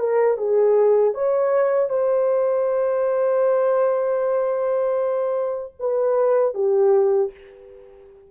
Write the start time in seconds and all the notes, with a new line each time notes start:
0.00 A#4
0.38 G#4
1.15 C#5
1.90 C5
5.80 B4
6.55 G4